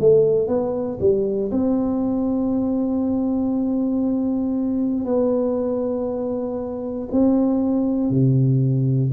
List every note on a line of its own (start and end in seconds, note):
0.00 0.48 A3
0.48 0.98 B3
1.00 1.51 G3
1.51 5.05 C4
5.05 7.09 B3
7.11 8.10 C4
8.10 9.12 C3